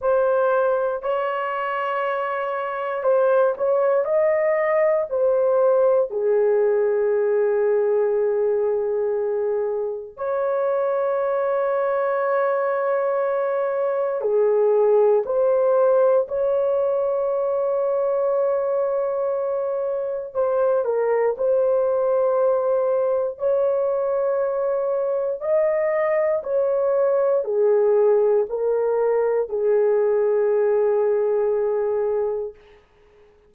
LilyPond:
\new Staff \with { instrumentName = "horn" } { \time 4/4 \tempo 4 = 59 c''4 cis''2 c''8 cis''8 | dis''4 c''4 gis'2~ | gis'2 cis''2~ | cis''2 gis'4 c''4 |
cis''1 | c''8 ais'8 c''2 cis''4~ | cis''4 dis''4 cis''4 gis'4 | ais'4 gis'2. | }